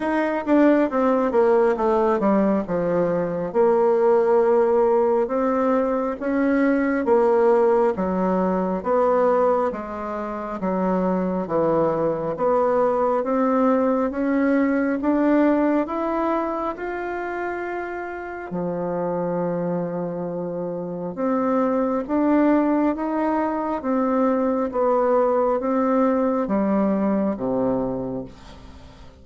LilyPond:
\new Staff \with { instrumentName = "bassoon" } { \time 4/4 \tempo 4 = 68 dis'8 d'8 c'8 ais8 a8 g8 f4 | ais2 c'4 cis'4 | ais4 fis4 b4 gis4 | fis4 e4 b4 c'4 |
cis'4 d'4 e'4 f'4~ | f'4 f2. | c'4 d'4 dis'4 c'4 | b4 c'4 g4 c4 | }